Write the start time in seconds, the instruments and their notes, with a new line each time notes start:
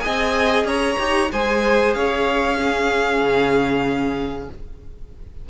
0.00 viola G#4, violin D#5 G#5
0.07 cello C4
0.65 cello C#4, violin C#5 A#5
0.99 cello D#4, viola G4
1.32 cello G#3, viola G#4, violin C5 G#5
1.94 cello C#4, violin C#5 F5
2.58 viola C#4, violin G#4
3.21 cello C#3